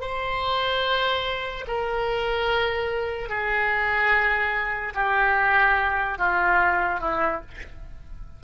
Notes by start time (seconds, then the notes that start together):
0.00 C5
1.67 A#4
3.29 G#4
4.95 G4
6.18 F4
7.00 E4